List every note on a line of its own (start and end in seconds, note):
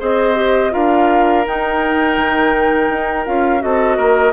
0.00 0.74 C4
0.00 0.36 G#4
0.00 0.72 C5
0.00 0.74 D#5
0.36 0.72 G4
0.72 1.47 D4
0.72 1.44 F4
0.72 3.62 A#4
0.72 1.46 F5
1.47 2.17 D#4
1.47 3.26 D#4
1.47 3.26 G5
2.17 2.89 D#3
2.89 3.25 D#4
3.26 3.64 C#4
3.26 3.60 F4
3.26 3.62 F5
3.60 3.98 C4
3.60 4.32 F#4
3.60 3.97 A4
3.60 4.33 D#5
3.97 4.33 A#3
3.97 4.33 A#4